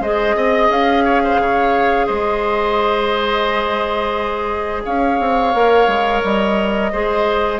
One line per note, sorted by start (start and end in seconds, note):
0.00 0.34 G#3
0.00 5.54 G#4
0.00 0.35 C5
0.00 0.71 D#5
0.35 0.69 C4
0.35 1.04 D#5
0.69 1.38 C#4
0.69 2.06 F5
1.04 1.22 C#5
1.24 1.41 C5
1.38 2.07 C#3
1.38 2.06 C#5
2.06 4.85 G#3
2.06 4.82 C5
2.06 4.82 D#5
4.85 5.19 C#4
4.85 6.92 C#5
4.85 6.23 F5
5.19 5.54 C4
5.54 5.87 A#3
5.54 6.92 A#4
5.87 6.21 G#3
6.23 6.92 G3
6.23 7.59 D#5
6.92 7.59 G#3
6.92 7.59 G#4
6.92 7.59 C5